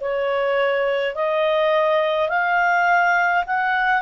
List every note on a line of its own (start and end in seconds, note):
0.00 1.14 C#5
1.14 2.29 D#5
2.29 3.44 F5
3.46 4.02 F#5